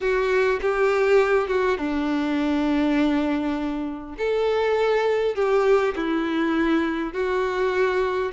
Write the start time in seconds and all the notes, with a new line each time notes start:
0.00 F#4
0.61 G4
1.47 F#4
1.77 D4
4.17 A4
5.35 G4
5.95 E4
7.13 F#4